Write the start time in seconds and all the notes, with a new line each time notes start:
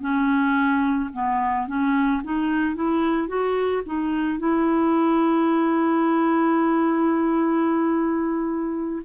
0.00 C#4
1.13 B3
1.67 C#4
2.23 D#4
2.75 E4
3.27 F#4
3.85 D#4
4.39 E4